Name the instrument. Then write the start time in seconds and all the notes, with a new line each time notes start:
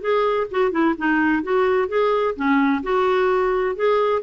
clarinet
0.00 G#4
0.51 F#4
0.71 E4
0.97 D#4
1.43 F#4
1.88 G#4
2.35 C#4
2.83 F#4
3.75 G#4